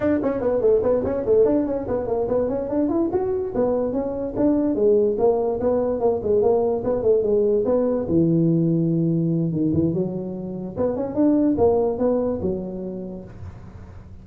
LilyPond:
\new Staff \with { instrumentName = "tuba" } { \time 4/4 \tempo 4 = 145 d'8 cis'8 b8 a8 b8 cis'8 a8 d'8 | cis'8 b8 ais8 b8 cis'8 d'8 e'8 fis'8~ | fis'8 b4 cis'4 d'4 gis8~ | gis8 ais4 b4 ais8 gis8 ais8~ |
ais8 b8 a8 gis4 b4 e8~ | e2. dis8 e8 | fis2 b8 cis'8 d'4 | ais4 b4 fis2 | }